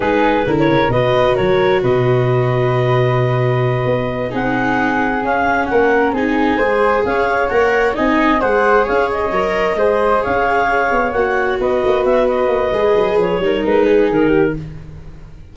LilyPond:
<<
  \new Staff \with { instrumentName = "clarinet" } { \time 4/4 \tempo 4 = 132 b'4~ b'16 cis''8. dis''4 cis''4 | dis''1~ | dis''4. fis''2 f''8~ | f''8 fis''4 gis''2 f''8~ |
f''8 fis''4 gis''4 fis''4 f''8 | dis''2~ dis''8 f''4.~ | f''8 fis''4 dis''4 e''8 dis''4~ | dis''4 cis''4 b'4 ais'4 | }
  \new Staff \with { instrumentName = "flute" } { \time 4/4 gis'4 ais'4 b'4 ais'4 | b'1~ | b'4. gis'2~ gis'8~ | gis'8 ais'4 gis'4 c''4 cis''8~ |
cis''4. dis''4 c''4 cis''8~ | cis''4. c''4 cis''4.~ | cis''4. b'2~ b'8~ | b'4. ais'4 gis'4 g'8 | }
  \new Staff \with { instrumentName = "viola" } { \time 4/4 dis'4 e'4 fis'2~ | fis'1~ | fis'4. dis'2 cis'8~ | cis'4. dis'4 gis'4.~ |
gis'8 ais'4 dis'4 gis'4.~ | gis'8 ais'4 gis'2~ gis'8~ | gis'8 fis'2.~ fis'8 | gis'4. dis'2~ dis'8 | }
  \new Staff \with { instrumentName = "tuba" } { \time 4/4 gis4 d8 cis8 b,4 fis4 | b,1~ | b,8 b4 c'2 cis'8~ | cis'8 ais4 c'4 gis4 cis'8~ |
cis'8 ais4 c'4 gis4 cis'8~ | cis'8 fis4 gis4 cis'4. | b8 ais4 b8 ais8 b4 ais8 | gis8 fis8 f8 g8 gis4 dis4 | }
>>